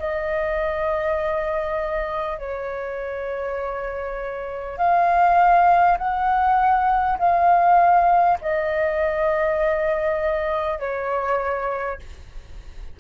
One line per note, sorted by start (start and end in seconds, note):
0.00 2.39 D#5
2.39 4.78 C#5
4.78 5.98 F5
5.99 7.19 F#5
7.19 8.39 F5
8.42 10.79 D#5
10.79 11.99 C#5